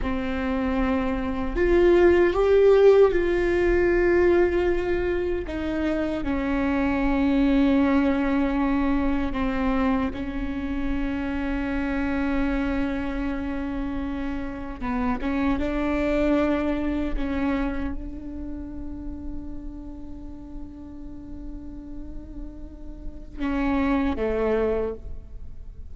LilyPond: \new Staff \with { instrumentName = "viola" } { \time 4/4 \tempo 4 = 77 c'2 f'4 g'4 | f'2. dis'4 | cis'1 | c'4 cis'2.~ |
cis'2. b8 cis'8 | d'2 cis'4 d'4~ | d'1~ | d'2 cis'4 a4 | }